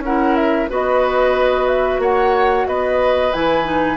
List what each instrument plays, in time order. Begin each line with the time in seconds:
0.00 bassoon C#4, clarinet E4, oboe A#4, flute F#5
0.36 flute E5
0.69 bassoon B3, clarinet F#4, oboe B4, flute D#5
1.68 flute E5
1.99 bassoon A#3, oboe C#5, flute F#5
2.67 bassoon B3, oboe B4, flute D#5
3.34 bassoon E3, clarinet E4, flute G#5
3.64 clarinet D#4